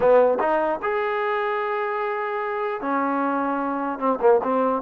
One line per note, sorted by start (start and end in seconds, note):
0.00 0.38 B3
0.39 0.79 D#4
0.82 2.81 G#4
2.81 3.99 C#4
3.99 4.19 C4
4.20 4.40 A#3
4.43 4.81 C4